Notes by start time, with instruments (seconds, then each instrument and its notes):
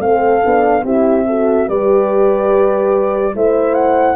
0.00 tuba A3, horn C4 A4, flute F5
0.43 tuba B3, horn D4
0.84 tuba C4, horn E4 G4, flute E5
1.27 horn F#4 A4
1.68 tuba G3, horn G4 B4, flute D5
3.35 tuba A3, horn E4 C5, flute E5
3.75 flute F#5